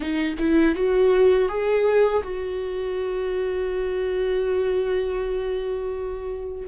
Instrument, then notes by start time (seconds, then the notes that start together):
viola
0.00 D#4
0.38 E4
0.75 F#4
1.48 G#4
2.23 F#4